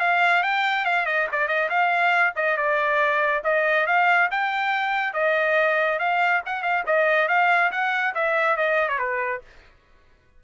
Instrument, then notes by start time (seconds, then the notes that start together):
trumpet
0.00 F5
0.43 G5
0.85 F5
1.06 D#5
1.32 D5
1.48 D#5
1.69 F5
2.36 D#5
2.57 D5
3.44 D#5
3.87 F5
4.31 G5
5.14 D#5
5.99 F5
6.46 F#5
6.63 F5
6.86 D#5
7.28 F5
7.71 F#5
8.14 E5
8.57 D#5
8.89 C#5
8.99 B4